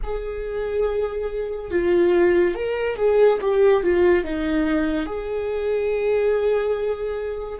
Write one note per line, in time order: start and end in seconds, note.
0.03 1.70 G#4
1.70 2.54 F4
2.54 2.96 A#4
2.96 3.38 G#4
3.41 3.83 G4
3.83 4.24 F4
4.24 5.06 D#4
5.06 7.59 G#4